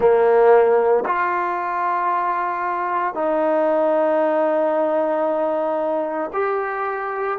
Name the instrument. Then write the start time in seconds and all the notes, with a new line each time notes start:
trombone
0.00 A#3
1.05 F4
3.14 D#4
6.33 G4